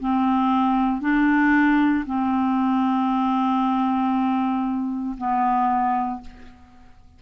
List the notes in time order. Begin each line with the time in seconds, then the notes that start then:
0.00 C4
1.01 D4
2.06 C4
5.18 B3